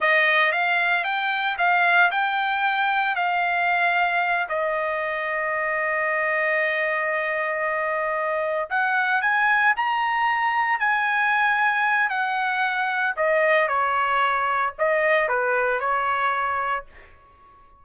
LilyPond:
\new Staff \with { instrumentName = "trumpet" } { \time 4/4 \tempo 4 = 114 dis''4 f''4 g''4 f''4 | g''2 f''2~ | f''8 dis''2.~ dis''8~ | dis''1~ |
dis''8 fis''4 gis''4 ais''4.~ | ais''8 gis''2~ gis''8 fis''4~ | fis''4 dis''4 cis''2 | dis''4 b'4 cis''2 | }